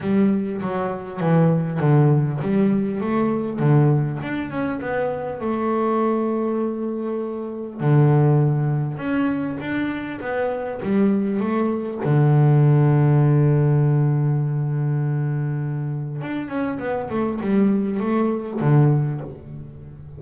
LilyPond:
\new Staff \with { instrumentName = "double bass" } { \time 4/4 \tempo 4 = 100 g4 fis4 e4 d4 | g4 a4 d4 d'8 cis'8 | b4 a2.~ | a4 d2 cis'4 |
d'4 b4 g4 a4 | d1~ | d2. d'8 cis'8 | b8 a8 g4 a4 d4 | }